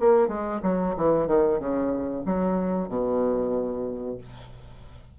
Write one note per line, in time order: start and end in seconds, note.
0.00 0.28 A#3
0.28 0.60 G#3
0.63 0.95 F#3
0.97 1.27 E3
1.27 1.59 D#3
1.59 2.24 C#3
2.26 2.89 F#3
2.89 4.18 B2